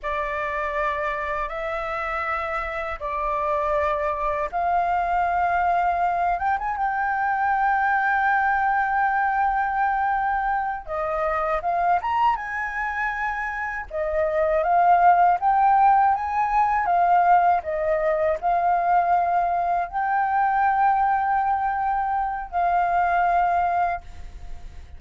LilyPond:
\new Staff \with { instrumentName = "flute" } { \time 4/4 \tempo 4 = 80 d''2 e''2 | d''2 f''2~ | f''8 g''16 gis''16 g''2.~ | g''2~ g''8 dis''4 f''8 |
ais''8 gis''2 dis''4 f''8~ | f''8 g''4 gis''4 f''4 dis''8~ | dis''8 f''2 g''4.~ | g''2 f''2 | }